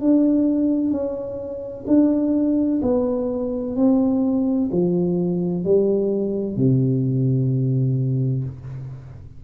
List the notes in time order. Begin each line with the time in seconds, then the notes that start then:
0.00 D4
0.91 C#4
1.87 D4
2.82 B3
3.75 C4
4.72 F3
5.64 G3
6.56 C3